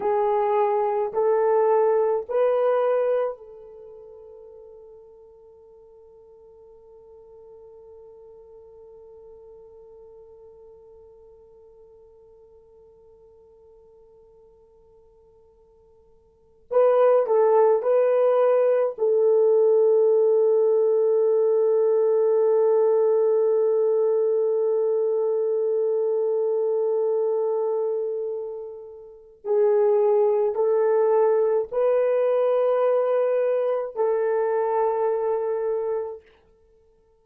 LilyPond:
\new Staff \with { instrumentName = "horn" } { \time 4/4 \tempo 4 = 53 gis'4 a'4 b'4 a'4~ | a'1~ | a'1~ | a'2~ a'8. b'8 a'8 b'16~ |
b'8. a'2.~ a'16~ | a'1~ | a'2 gis'4 a'4 | b'2 a'2 | }